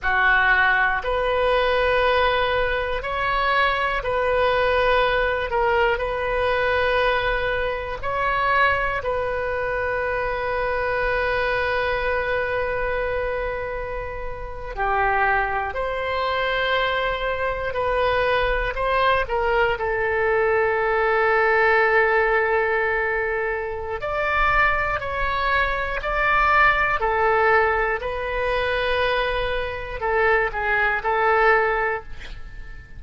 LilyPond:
\new Staff \with { instrumentName = "oboe" } { \time 4/4 \tempo 4 = 60 fis'4 b'2 cis''4 | b'4. ais'8 b'2 | cis''4 b'2.~ | b'2~ b'8. g'4 c''16~ |
c''4.~ c''16 b'4 c''8 ais'8 a'16~ | a'1 | d''4 cis''4 d''4 a'4 | b'2 a'8 gis'8 a'4 | }